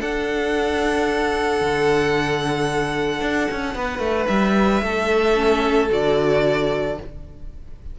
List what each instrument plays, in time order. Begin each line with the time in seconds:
0.00 viola D4, cello D4, violin A4 F#5
1.61 cello D3
3.21 cello D4
3.51 cello C#4
3.75 cello B3, violin B4
3.99 cello A3
4.28 cello G3, violin E5
4.83 cello A3, violin A4
5.36 viola C#4
5.90 cello D3, viola F#4, violin D5